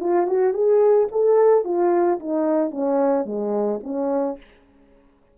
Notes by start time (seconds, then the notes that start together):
0.00 F4
0.27 F#4
0.54 G#4
1.12 A4
1.65 F4
2.20 D#4
2.71 C#4
3.25 G#3
3.83 C#4